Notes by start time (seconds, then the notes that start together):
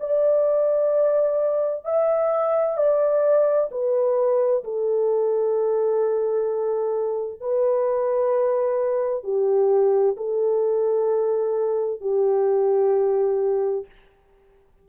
0.00 D5
1.85 E5
2.77 D5
3.71 B4
4.64 A4
7.41 B4
9.24 G4
10.17 A4
12.01 G4